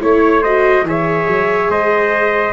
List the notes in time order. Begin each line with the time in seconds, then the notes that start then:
0.00 A3 E4 C#5
0.41 F#4 C5 D#5
0.82 E3 G#4 E5
0.89 C#5
1.27 F#3
1.69 G#3 C5 D#5